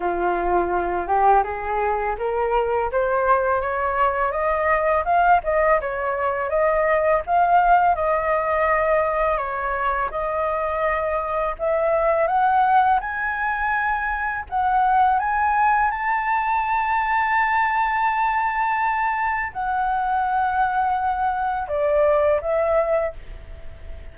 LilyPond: \new Staff \with { instrumentName = "flute" } { \time 4/4 \tempo 4 = 83 f'4. g'8 gis'4 ais'4 | c''4 cis''4 dis''4 f''8 dis''8 | cis''4 dis''4 f''4 dis''4~ | dis''4 cis''4 dis''2 |
e''4 fis''4 gis''2 | fis''4 gis''4 a''2~ | a''2. fis''4~ | fis''2 d''4 e''4 | }